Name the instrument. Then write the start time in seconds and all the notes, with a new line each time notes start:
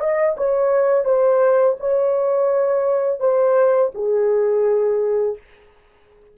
horn
0.00 D#5
0.37 C#5
1.05 C5
1.80 C#5
3.20 C5
3.94 G#4